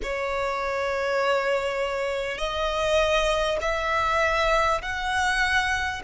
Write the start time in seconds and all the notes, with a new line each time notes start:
0.03 C#5
2.38 D#5
3.61 E5
4.82 F#5